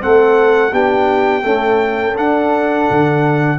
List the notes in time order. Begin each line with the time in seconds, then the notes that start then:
0.00 A3 C4 A4 F#5
0.72 B3 D4 G4 G5
1.42 A3 C#4 A4
2.17 D4 F#5
2.90 D3